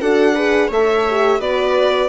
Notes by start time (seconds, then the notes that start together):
0.00 D4 F#4 A4 F#5
0.35 G#4 B4
0.68 A3 A4 C#5 E5
1.09 G4
1.39 B3 F#4 B4 D5